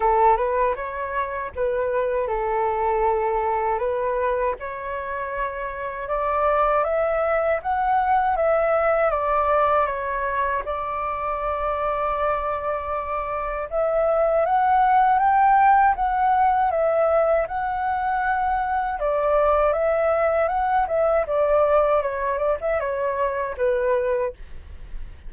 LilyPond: \new Staff \with { instrumentName = "flute" } { \time 4/4 \tempo 4 = 79 a'8 b'8 cis''4 b'4 a'4~ | a'4 b'4 cis''2 | d''4 e''4 fis''4 e''4 | d''4 cis''4 d''2~ |
d''2 e''4 fis''4 | g''4 fis''4 e''4 fis''4~ | fis''4 d''4 e''4 fis''8 e''8 | d''4 cis''8 d''16 e''16 cis''4 b'4 | }